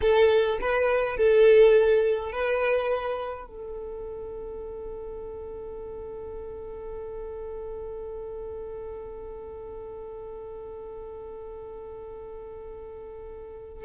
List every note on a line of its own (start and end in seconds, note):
0.01 0.58 A4
0.61 1.16 B4
1.16 2.32 A4
2.32 3.46 B4
3.46 13.84 A4